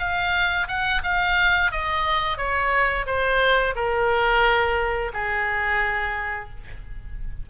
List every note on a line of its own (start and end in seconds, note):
0.00 0.68 F5
0.68 1.02 F#5
1.04 1.72 F5
1.72 2.38 D#5
2.38 3.06 C#5
3.07 3.75 C5
3.76 5.12 A#4
5.14 6.50 G#4